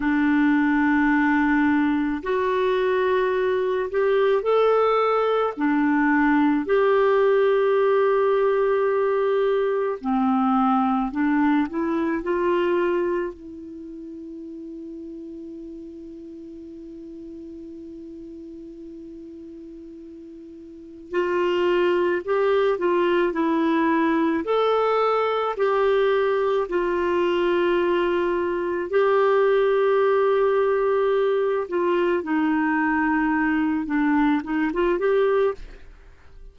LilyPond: \new Staff \with { instrumentName = "clarinet" } { \time 4/4 \tempo 4 = 54 d'2 fis'4. g'8 | a'4 d'4 g'2~ | g'4 c'4 d'8 e'8 f'4 | e'1~ |
e'2. f'4 | g'8 f'8 e'4 a'4 g'4 | f'2 g'2~ | g'8 f'8 dis'4. d'8 dis'16 f'16 g'8 | }